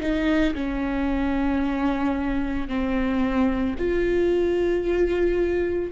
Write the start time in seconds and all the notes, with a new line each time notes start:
0.00 D#4
0.54 C#4
2.68 C4
3.78 F4